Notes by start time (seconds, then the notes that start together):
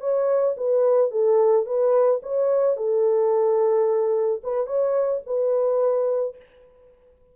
0.00 C#5
0.57 B4
1.11 A4
1.65 B4
2.23 C#5
2.76 A4
4.43 B4
4.66 C#5
5.26 B4